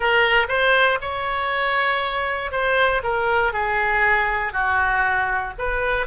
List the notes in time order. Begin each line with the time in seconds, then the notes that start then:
0.00 A#4
0.48 C5
1.01 C#5
2.51 C5
3.03 A#4
3.52 G#4
4.52 F#4
5.58 B4